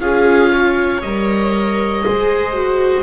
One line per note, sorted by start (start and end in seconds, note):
0.00 1.02 C#4
0.00 1.02 F4
0.00 0.52 G#4
0.00 1.02 F5
0.52 2.04 C#5
1.02 2.05 G3
1.02 2.03 A#4
1.02 3.03 D#5
2.03 3.03 G#3
2.03 2.54 G#4
2.03 3.03 C5
2.54 3.03 F#4